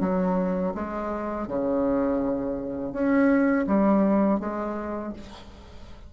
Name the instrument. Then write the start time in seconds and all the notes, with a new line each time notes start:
bassoon
0.00 F#3
0.74 G#3
1.47 C#3
2.92 C#4
3.67 G3
4.39 G#3